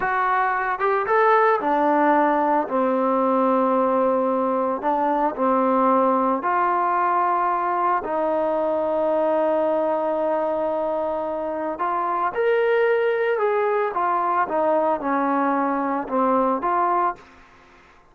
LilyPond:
\new Staff \with { instrumentName = "trombone" } { \time 4/4 \tempo 4 = 112 fis'4. g'8 a'4 d'4~ | d'4 c'2.~ | c'4 d'4 c'2 | f'2. dis'4~ |
dis'1~ | dis'2 f'4 ais'4~ | ais'4 gis'4 f'4 dis'4 | cis'2 c'4 f'4 | }